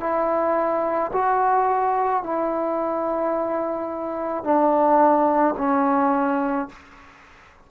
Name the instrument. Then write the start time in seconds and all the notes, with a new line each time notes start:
trombone
0.00 E4
1.13 F#4
2.24 E4
4.44 D4
5.58 C#4